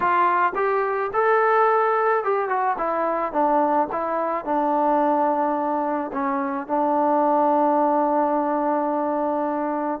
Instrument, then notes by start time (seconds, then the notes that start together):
trombone
0.00 F4
0.55 G4
1.13 A4
2.23 G4
2.48 F#4
2.78 E4
3.32 D4
3.91 E4
4.44 D4
6.12 C#4
6.67 D4